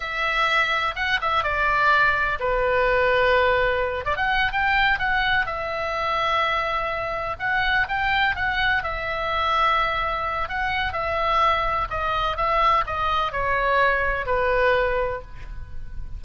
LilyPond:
\new Staff \with { instrumentName = "oboe" } { \time 4/4 \tempo 4 = 126 e''2 fis''8 e''8 d''4~ | d''4 b'2.~ | b'8 d''16 fis''8. g''4 fis''4 e''8~ | e''2.~ e''8 fis''8~ |
fis''8 g''4 fis''4 e''4.~ | e''2 fis''4 e''4~ | e''4 dis''4 e''4 dis''4 | cis''2 b'2 | }